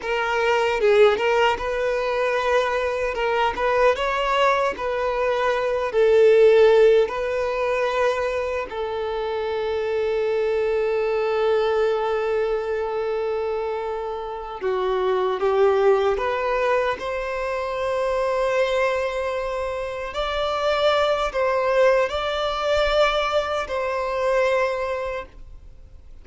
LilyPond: \new Staff \with { instrumentName = "violin" } { \time 4/4 \tempo 4 = 76 ais'4 gis'8 ais'8 b'2 | ais'8 b'8 cis''4 b'4. a'8~ | a'4 b'2 a'4~ | a'1~ |
a'2~ a'8 fis'4 g'8~ | g'8 b'4 c''2~ c''8~ | c''4. d''4. c''4 | d''2 c''2 | }